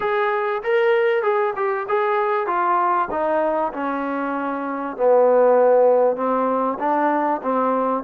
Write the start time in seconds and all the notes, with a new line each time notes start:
0.00 G#4
0.63 A#4
1.22 G#4
1.56 G4
1.88 G#4
2.46 F4
3.10 D#4
3.73 C#4
4.97 B3
6.16 C4
6.79 D4
7.42 C4